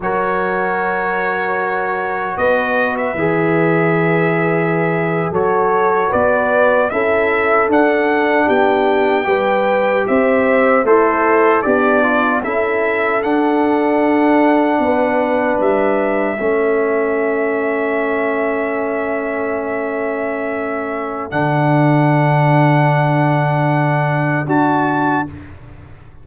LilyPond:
<<
  \new Staff \with { instrumentName = "trumpet" } { \time 4/4 \tempo 4 = 76 cis''2. dis''8. e''16~ | e''2~ e''8. cis''4 d''16~ | d''8. e''4 fis''4 g''4~ g''16~ | g''8. e''4 c''4 d''4 e''16~ |
e''8. fis''2. e''16~ | e''1~ | e''2. fis''4~ | fis''2. a''4 | }
  \new Staff \with { instrumentName = "horn" } { \time 4/4 ais'2. b'4~ | b'2~ b'8. a'4 b'16~ | b'8. a'2 g'4 b'16~ | b'8. c''4 e'4 d'4 a'16~ |
a'2~ a'8. b'4~ b'16~ | b'8. a'2.~ a'16~ | a'1~ | a'1 | }
  \new Staff \with { instrumentName = "trombone" } { \time 4/4 fis'1 | gis'2~ gis'8. fis'4~ fis'16~ | fis'8. e'4 d'2 g'16~ | g'4.~ g'16 a'4 g'8 f'8 e'16~ |
e'8. d'2.~ d'16~ | d'8. cis'2.~ cis'16~ | cis'2. d'4~ | d'2. fis'4 | }
  \new Staff \with { instrumentName = "tuba" } { \time 4/4 fis2. b4 | e2~ e8. fis4 b16~ | b8. cis'4 d'4 b4 g16~ | g8. c'4 a4 b4 cis'16~ |
cis'8. d'2 b4 g16~ | g8. a2.~ a16~ | a2. d4~ | d2. d'4 | }
>>